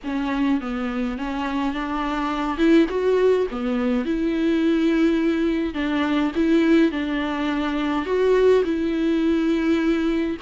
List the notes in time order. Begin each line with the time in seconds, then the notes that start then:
0.04 C#4
0.61 B3
1.18 C#4
1.73 D4
2.57 E4
2.89 F#4
3.50 B3
4.05 E4
5.74 D4
6.35 E4
6.91 D4
8.05 F#4
8.64 E4